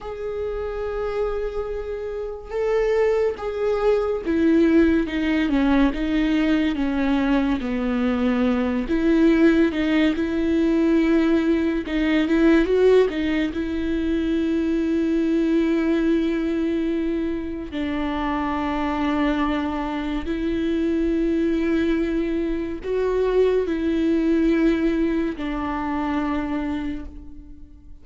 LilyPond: \new Staff \with { instrumentName = "viola" } { \time 4/4 \tempo 4 = 71 gis'2. a'4 | gis'4 e'4 dis'8 cis'8 dis'4 | cis'4 b4. e'4 dis'8 | e'2 dis'8 e'8 fis'8 dis'8 |
e'1~ | e'4 d'2. | e'2. fis'4 | e'2 d'2 | }